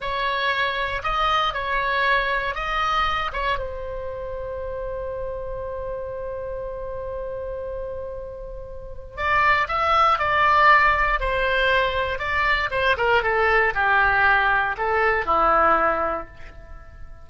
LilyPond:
\new Staff \with { instrumentName = "oboe" } { \time 4/4 \tempo 4 = 118 cis''2 dis''4 cis''4~ | cis''4 dis''4. cis''8 c''4~ | c''1~ | c''1~ |
c''2 d''4 e''4 | d''2 c''2 | d''4 c''8 ais'8 a'4 g'4~ | g'4 a'4 e'2 | }